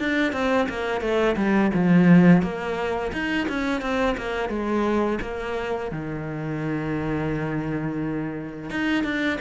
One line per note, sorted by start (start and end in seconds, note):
0.00 0.33 D4
0.33 0.68 C4
0.69 1.01 A#3
1.01 1.36 A3
1.37 1.72 G3
1.74 2.43 F3
2.43 3.13 A#3
3.13 3.48 D#4
3.49 3.82 C#4
3.82 4.17 C4
4.18 4.50 A#3
4.50 5.19 G#3
5.22 5.92 A#3
5.92 8.71 D#3
8.71 9.04 D#4
9.04 9.39 D4